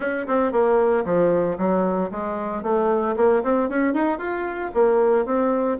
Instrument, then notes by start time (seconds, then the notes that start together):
bassoon
0.00 C#4
0.27 C4
0.51 A#3
1.05 F3
1.57 F#3
2.11 G#3
2.62 A3
3.16 A#3
3.43 C4
3.69 C#4
3.93 D#4
4.18 F4
4.74 A#3
5.25 C4